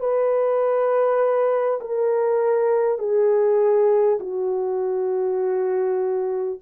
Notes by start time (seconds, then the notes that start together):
0.00 B4
1.81 A#4
2.99 G#4
4.19 F#4